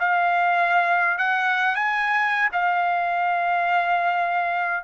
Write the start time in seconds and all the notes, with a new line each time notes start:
0.00 F5
1.19 F#5
1.76 G#5
2.53 F5